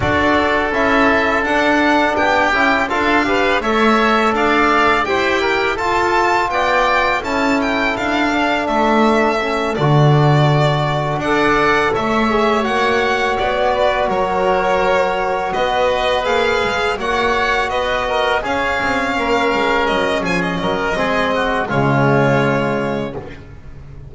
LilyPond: <<
  \new Staff \with { instrumentName = "violin" } { \time 4/4 \tempo 4 = 83 d''4 e''4 fis''4 g''4 | f''4 e''4 f''4 g''4 | a''4 g''4 a''8 g''8 f''4 | e''4. d''2 fis''8~ |
fis''8 e''4 fis''4 d''4 cis''8~ | cis''4. dis''4 f''4 fis''8~ | fis''8 dis''4 f''2 dis''8 | gis''16 dis''4.~ dis''16 cis''2 | }
  \new Staff \with { instrumentName = "oboe" } { \time 4/4 a'2. g'4 | a'8 b'8 cis''4 d''4 c''8 ais'8 | a'4 d''4 a'2~ | a'2.~ a'8 d''8~ |
d''8 cis''2~ cis''8 b'8 ais'8~ | ais'4. b'2 cis''8~ | cis''8 b'8 ais'8 gis'4 ais'4. | gis'8 ais'8 gis'8 fis'8 f'2 | }
  \new Staff \with { instrumentName = "trombone" } { \time 4/4 fis'4 e'4 d'4. e'8 | f'8 g'8 a'2 g'4 | f'2 e'4. d'8~ | d'4 cis'8 fis'2 a'8~ |
a'4 gis'8 fis'2~ fis'8~ | fis'2~ fis'8 gis'4 fis'8~ | fis'4. cis'2~ cis'8~ | cis'4 c'4 gis2 | }
  \new Staff \with { instrumentName = "double bass" } { \time 4/4 d'4 cis'4 d'4 b8 cis'8 | d'4 a4 d'4 e'4 | f'4 b4 cis'4 d'4 | a4. d2 d'8~ |
d'8 a4 ais4 b4 fis8~ | fis4. b4 ais8 gis8 ais8~ | ais8 b4 cis'8 c'8 ais8 gis8 fis8 | f8 fis8 gis4 cis2 | }
>>